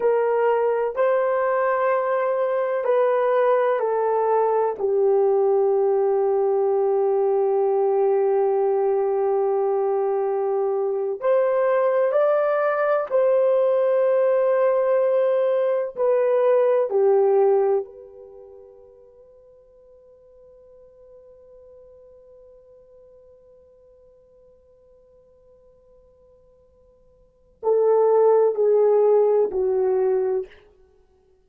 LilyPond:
\new Staff \with { instrumentName = "horn" } { \time 4/4 \tempo 4 = 63 ais'4 c''2 b'4 | a'4 g'2.~ | g'2.~ g'8. c''16~ | c''8. d''4 c''2~ c''16~ |
c''8. b'4 g'4 b'4~ b'16~ | b'1~ | b'1~ | b'4 a'4 gis'4 fis'4 | }